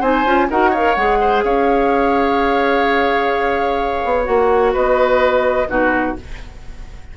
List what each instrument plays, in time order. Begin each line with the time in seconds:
0.00 bassoon C4, clarinet D#4, oboe C5, flute G#5
0.25 bassoon C#4, clarinet F4
0.50 bassoon D#4, clarinet F#4, oboe A#4, flute F#5
0.70 oboe C#5, flute F5
0.76 clarinet A#4
0.95 bassoon G#3, clarinet G#4, flute F#5
1.20 oboe C5
1.44 bassoon C#4, oboe C#5, flute F5
4.04 bassoon B3
4.24 bassoon A#3, clarinet F#4, flute F#5
4.73 bassoon B3, oboe B4, flute D#5
5.68 bassoon B2, clarinet D#4, oboe F#4, flute B4